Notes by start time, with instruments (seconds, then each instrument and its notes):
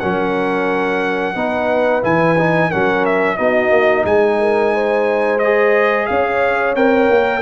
0.00 tuba F#3, trombone C#4, horn A#4, trumpet F#5
1.35 tuba B3, trombone D#4, horn B4
2.03 tuba E3, trombone E4, trumpet G#5
2.39 trombone D#4
2.69 tuba F#3, trombone C#4, horn A#4, trumpet F#5
3.06 trumpet E5
3.37 tuba B3, trombone D#4, horn F#4, trumpet D#5
3.71 tuba A#3
4.05 tuba G#3, horn G#4, trumpet G#5
4.40 horn A#4
4.74 horn C5
5.39 trombone G#4, trumpet D#5
6.06 tuba C#4, horn C#5, trumpet F5
6.75 tuba C4, trombone A#4, trumpet G5
7.10 tuba A#3